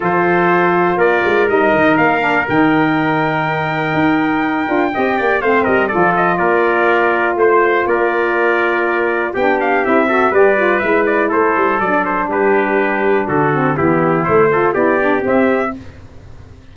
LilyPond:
<<
  \new Staff \with { instrumentName = "trumpet" } { \time 4/4 \tempo 4 = 122 c''2 d''4 dis''4 | f''4 g''2.~ | g''2. f''8 dis''8 | d''8 dis''8 d''2 c''4 |
d''2. g''8 f''8 | e''4 d''4 e''8 d''8 c''4 | d''8 c''8 b'2 a'4 | g'4 c''4 d''4 e''4 | }
  \new Staff \with { instrumentName = "trumpet" } { \time 4/4 a'2 ais'2~ | ais'1~ | ais'2 dis''8 d''8 c''8 ais'8 | a'4 ais'2 c''4 |
ais'2. g'4~ | g'8 a'8 b'2 a'4~ | a'4 g'2 fis'4 | e'4. a'8 g'2 | }
  \new Staff \with { instrumentName = "saxophone" } { \time 4/4 f'2. dis'4~ | dis'8 d'8 dis'2.~ | dis'4. f'8 g'4 c'4 | f'1~ |
f'2. d'4 | e'8 fis'8 g'8 f'8 e'2 | d'2.~ d'8 c'8 | b4 a8 f'8 e'8 d'8 c'4 | }
  \new Staff \with { instrumentName = "tuba" } { \time 4/4 f2 ais8 gis8 g8 dis8 | ais4 dis2. | dis'4. d'8 c'8 ais8 a8 g8 | f4 ais2 a4 |
ais2. b4 | c'4 g4 gis4 a8 g8 | fis4 g2 d4 | e4 a4 b4 c'4 | }
>>